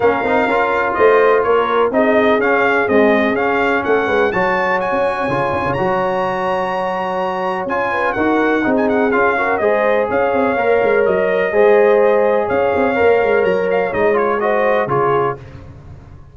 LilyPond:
<<
  \new Staff \with { instrumentName = "trumpet" } { \time 4/4 \tempo 4 = 125 f''2 dis''4 cis''4 | dis''4 f''4 dis''4 f''4 | fis''4 a''4 gis''2 | ais''1 |
gis''4 fis''4~ fis''16 gis''16 fis''8 f''4 | dis''4 f''2 dis''4~ | dis''2 f''2 | ais''8 f''8 dis''8 cis''8 dis''4 cis''4 | }
  \new Staff \with { instrumentName = "horn" } { \time 4/4 ais'2 c''4 ais'4 | gis'1 | a'8 b'8 cis''2.~ | cis''1~ |
cis''8 b'8 ais'4 gis'4. ais'8 | c''4 cis''2. | c''2 cis''2~ | cis''2 c''4 gis'4 | }
  \new Staff \with { instrumentName = "trombone" } { \time 4/4 cis'8 dis'8 f'2. | dis'4 cis'4 gis4 cis'4~ | cis'4 fis'2 f'4 | fis'1 |
f'4 fis'4 dis'4 f'8 fis'8 | gis'2 ais'2 | gis'2. ais'4~ | ais'4 dis'8 f'8 fis'4 f'4 | }
  \new Staff \with { instrumentName = "tuba" } { \time 4/4 ais8 c'8 cis'4 a4 ais4 | c'4 cis'4 c'4 cis'4 | a8 gis8 fis4~ fis16 cis'8. cis8 cis'16 cis16 | fis1 |
cis'4 dis'4 c'4 cis'4 | gis4 cis'8 c'8 ais8 gis8 fis4 | gis2 cis'8 c'8 ais8 gis8 | fis4 gis2 cis4 | }
>>